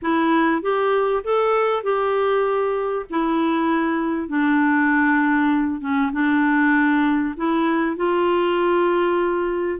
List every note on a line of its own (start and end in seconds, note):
0.02 0.62 E4
0.62 1.23 G4
1.24 1.83 A4
1.83 3.05 G4
3.09 4.28 E4
4.28 5.80 D4
5.80 6.11 C#4
6.12 7.34 D4
7.36 7.96 E4
7.96 9.80 F4